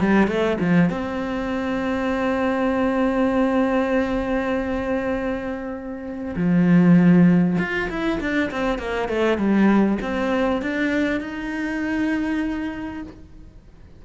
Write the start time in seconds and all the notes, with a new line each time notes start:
0.00 G3
0.28 A3
0.60 F3
0.90 C4
6.37 F3
7.59 F4
7.90 E4
8.21 D4
8.51 C4
8.79 A#3
9.09 A3
9.38 G3
10.02 C4
10.62 D4
11.21 D#4